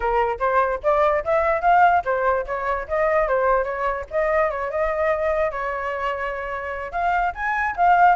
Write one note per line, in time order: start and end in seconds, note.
0.00 0.38 A#4
0.39 0.80 C5
0.83 1.24 D5
1.24 1.61 E5
1.61 2.02 F5
2.04 2.45 C5
2.46 2.87 C#5
2.87 3.28 D#5
3.28 3.64 C5
3.64 4.05 C#5
4.10 4.50 D#5
4.50 4.70 C#5
4.70 5.51 D#5
5.51 6.92 C#5
6.92 7.33 F5
7.34 7.75 G#5
7.76 8.15 F5